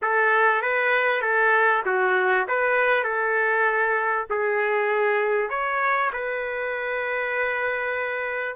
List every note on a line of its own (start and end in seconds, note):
0.02 0.62 A4
0.62 1.21 B4
1.21 1.83 A4
1.85 2.46 F#4
2.48 3.03 B4
3.03 4.26 A4
4.30 5.49 G#4
5.49 6.11 C#5
6.12 8.55 B4